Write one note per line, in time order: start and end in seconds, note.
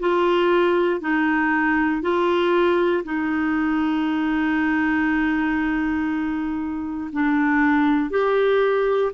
0.00 1.01 F4
1.01 2.02 D#4
2.02 3.04 F4
3.04 7.11 D#4
7.13 8.11 D4
8.11 9.12 G4